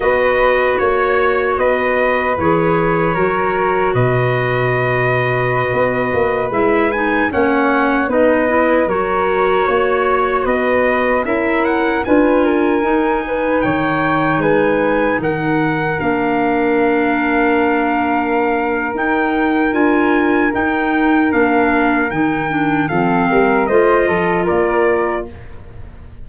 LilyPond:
<<
  \new Staff \with { instrumentName = "trumpet" } { \time 4/4 \tempo 4 = 76 dis''4 cis''4 dis''4 cis''4~ | cis''4 dis''2.~ | dis''16 e''8 gis''8 fis''4 dis''4 cis''8.~ | cis''4~ cis''16 dis''4 e''8 fis''8 gis''8.~ |
gis''4~ gis''16 g''4 gis''4 fis''8.~ | fis''16 f''2.~ f''8. | g''4 gis''4 g''4 f''4 | g''4 f''4 dis''4 d''4 | }
  \new Staff \with { instrumentName = "flute" } { \time 4/4 b'4 cis''4 b'2 | ais'4 b'2.~ | b'4~ b'16 cis''4 b'4 ais'8.~ | ais'16 cis''4 b'4 ais'4 b'8 ais'16~ |
ais'8. b'8 cis''4 b'4 ais'8.~ | ais'1~ | ais'1~ | ais'4 a'8 ais'8 c''8 a'8 ais'4 | }
  \new Staff \with { instrumentName = "clarinet" } { \time 4/4 fis'2. gis'4 | fis'1~ | fis'16 e'8 dis'8 cis'4 dis'8 e'8 fis'8.~ | fis'2~ fis'16 e'4 f'8.~ |
f'16 dis'2.~ dis'8.~ | dis'16 d'2.~ d'8. | dis'4 f'4 dis'4 d'4 | dis'8 d'8 c'4 f'2 | }
  \new Staff \with { instrumentName = "tuba" } { \time 4/4 b4 ais4 b4 e4 | fis4 b,2~ b,16 b8 ais16~ | ais16 gis4 ais4 b4 fis8.~ | fis16 ais4 b4 cis'4 d'8.~ |
d'16 dis'4 dis4 gis4 dis8.~ | dis16 ais2.~ ais8. | dis'4 d'4 dis'4 ais4 | dis4 f8 g8 a8 f8 ais4 | }
>>